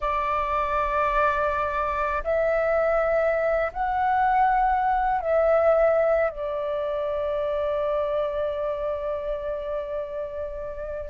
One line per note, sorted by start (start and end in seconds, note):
0.00 2.23 D5
2.24 3.72 E5
3.72 5.21 F#5
5.21 6.30 E5
6.30 11.09 D5